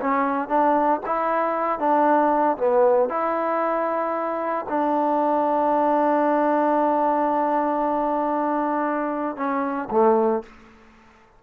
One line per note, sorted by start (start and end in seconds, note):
0.00 0.48 C#4
0.48 1.00 D4
1.06 1.79 E4
1.79 2.57 D4
2.57 3.09 B3
3.09 4.65 E4
4.69 9.36 D4
9.36 9.88 C#4
9.90 10.42 A3